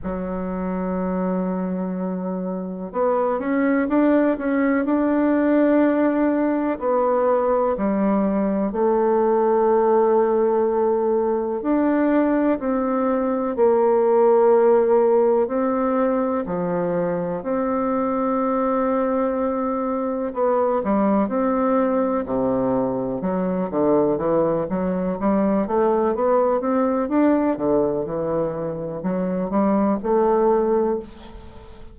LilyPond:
\new Staff \with { instrumentName = "bassoon" } { \time 4/4 \tempo 4 = 62 fis2. b8 cis'8 | d'8 cis'8 d'2 b4 | g4 a2. | d'4 c'4 ais2 |
c'4 f4 c'2~ | c'4 b8 g8 c'4 c4 | fis8 d8 e8 fis8 g8 a8 b8 c'8 | d'8 d8 e4 fis8 g8 a4 | }